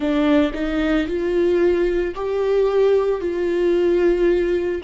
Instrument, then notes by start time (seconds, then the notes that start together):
viola
0.00 D4
0.54 D#4
1.07 F4
2.14 G4
3.20 F4